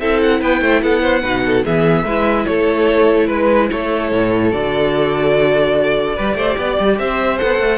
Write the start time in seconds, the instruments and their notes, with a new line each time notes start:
0.00 cello C4, viola E4, violin A4 E5
0.21 violin F#5
0.40 cello B3, violin B4 G5
0.61 cello A3, violin C5
0.82 cello B3, violin A4 F#5
1.02 violin C5
1.22 cello B2, viola D#4, violin B4
1.46 violin A4
1.65 cello E3, viola B3, violin G#4 E5
2.05 cello G#3, viola E4, violin B4
2.46 cello A3, violin A4 C#5
3.27 cello G#3, violin B4
3.71 cello A3, violin A4 C#5
4.12 cello A2
4.52 cello D3, viola F#4, violin D5
6.16 cello G3, viola G4, violin B4
6.35 cello A3, violin C5
6.58 cello B3, violin D5
6.80 cello G3
6.99 cello C4, violin C5 E5
7.38 cello B3, viola A4, violin F#5
7.59 cello A3